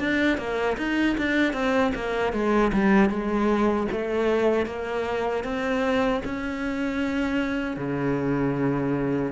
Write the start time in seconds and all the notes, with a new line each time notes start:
0.00 D4
0.38 A#3
0.78 D#4
1.18 D4
1.53 C4
1.95 A#3
2.33 G#3
2.73 G3
3.10 G#3
3.92 A3
4.66 A#3
5.44 C4
6.25 C#4
7.77 C#3